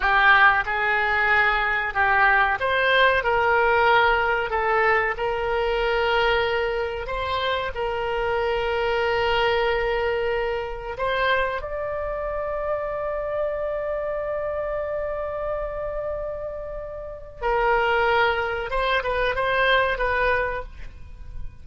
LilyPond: \new Staff \with { instrumentName = "oboe" } { \time 4/4 \tempo 4 = 93 g'4 gis'2 g'4 | c''4 ais'2 a'4 | ais'2. c''4 | ais'1~ |
ais'4 c''4 d''2~ | d''1~ | d''2. ais'4~ | ais'4 c''8 b'8 c''4 b'4 | }